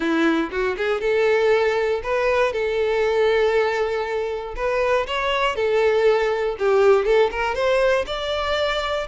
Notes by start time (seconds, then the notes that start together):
0.00 E4
0.51 F#4
0.77 G#4
1.00 A4
2.03 B4
2.53 A4
4.56 B4
5.06 C#5
5.55 A4
6.58 G4
7.05 A4
7.31 A#4
7.54 C5
8.06 D5